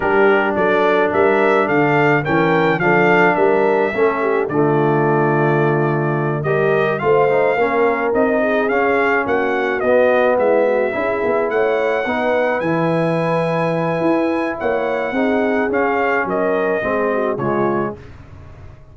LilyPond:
<<
  \new Staff \with { instrumentName = "trumpet" } { \time 4/4 \tempo 4 = 107 ais'4 d''4 e''4 f''4 | g''4 f''4 e''2 | d''2.~ d''8 dis''8~ | dis''8 f''2 dis''4 f''8~ |
f''8 fis''4 dis''4 e''4.~ | e''8 fis''2 gis''4.~ | gis''2 fis''2 | f''4 dis''2 cis''4 | }
  \new Staff \with { instrumentName = "horn" } { \time 4/4 g'4 a'4 ais'4 a'4 | ais'4 a'4 ais'4 a'8 g'8 | f'2.~ f'8 ais'8~ | ais'8 c''4 ais'4. gis'4~ |
gis'8 fis'2 e'8 fis'8 gis'8~ | gis'8 cis''4 b'2~ b'8~ | b'2 cis''4 gis'4~ | gis'4 ais'4 gis'8 fis'8 f'4 | }
  \new Staff \with { instrumentName = "trombone" } { \time 4/4 d'1 | cis'4 d'2 cis'4 | a2.~ a8 g'8~ | g'8 f'8 dis'8 cis'4 dis'4 cis'8~ |
cis'4. b2 e'8~ | e'4. dis'4 e'4.~ | e'2. dis'4 | cis'2 c'4 gis4 | }
  \new Staff \with { instrumentName = "tuba" } { \time 4/4 g4 fis4 g4 d4 | e4 f4 g4 a4 | d2.~ d8 g8~ | g8 a4 ais4 c'4 cis'8~ |
cis'8 ais4 b4 gis4 cis'8 | b8 a4 b4 e4.~ | e4 e'4 ais4 c'4 | cis'4 fis4 gis4 cis4 | }
>>